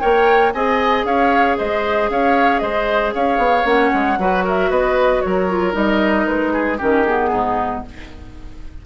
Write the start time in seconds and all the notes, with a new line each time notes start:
0.00 A#3 A#4 C#5 G5
0.53 C4 G#4 D#5 G#5
1.05 C#4 C#5 F5
1.58 G#3 C5 D#5
2.10 C#4 C#5 F5
2.59 G#3 C5 D#5
3.15 C#4 C#5 F5
3.38 B3
3.65 A#3 C#4 F#5
3.94 G#3
4.19 F#3 F#4 B4
4.45 A#4 E5
4.70 B3 B4 D#5
5.22 F#3 A#4 C#5
5.50 F4
5.73 G3 D#4 D#5
6.27 G#3 B4
6.53 G#4
6.78 D#3 C#4 G4 A#4
7.04 B3 G#4
7.31 G#2 D#4